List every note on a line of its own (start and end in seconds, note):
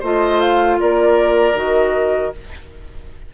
0.00 0.80 A3
0.00 1.55 F4
0.00 0.77 C5
0.00 0.41 D#5
0.41 0.79 F5
0.80 1.54 A#3
0.80 2.34 A#4
0.80 1.57 D5
1.54 2.31 D#3
1.54 2.32 F#4
1.54 2.34 D#5